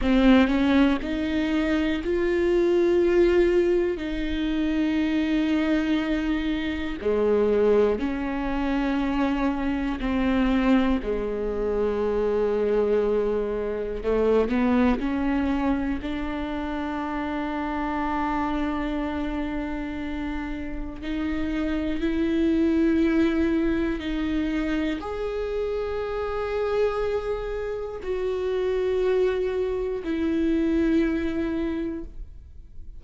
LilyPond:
\new Staff \with { instrumentName = "viola" } { \time 4/4 \tempo 4 = 60 c'8 cis'8 dis'4 f'2 | dis'2. gis4 | cis'2 c'4 gis4~ | gis2 a8 b8 cis'4 |
d'1~ | d'4 dis'4 e'2 | dis'4 gis'2. | fis'2 e'2 | }